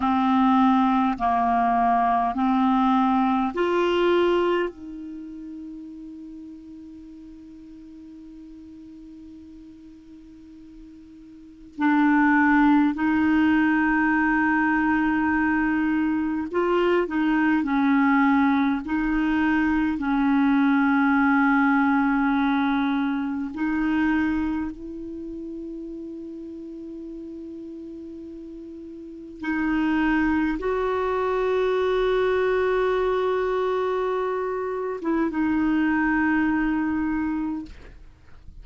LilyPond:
\new Staff \with { instrumentName = "clarinet" } { \time 4/4 \tempo 4 = 51 c'4 ais4 c'4 f'4 | dis'1~ | dis'2 d'4 dis'4~ | dis'2 f'8 dis'8 cis'4 |
dis'4 cis'2. | dis'4 e'2.~ | e'4 dis'4 fis'2~ | fis'4.~ fis'16 e'16 dis'2 | }